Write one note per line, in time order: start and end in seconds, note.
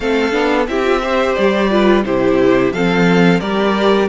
0.00 0.33 A3
0.00 0.31 C4
0.00 0.69 A4
0.00 0.66 F5
0.31 0.67 B3
0.31 0.65 D4
0.67 1.35 C4
0.67 0.83 E4
0.67 1.02 G4
0.67 1.34 E5
0.83 1.00 F4
1.02 1.70 G4
1.02 1.70 C5
1.34 2.04 G3
1.34 2.03 D5
1.70 2.04 F4
1.70 2.05 B4
2.04 2.72 C3
2.04 2.73 E4
2.04 2.73 G4
2.04 2.72 C5
2.72 3.40 F3
2.72 3.41 C4
2.72 3.40 A4
2.72 3.40 F5
3.40 4.09 G3
3.40 4.09 G4
3.40 4.08 A#4
3.40 4.08 D5